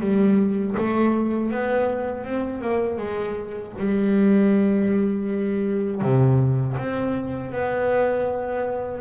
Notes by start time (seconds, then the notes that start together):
0.00 G3
0.77 A3
1.51 B3
2.25 C4
2.61 A#3
2.98 G#3
3.78 G3
6.01 C3
6.77 C4
7.52 B3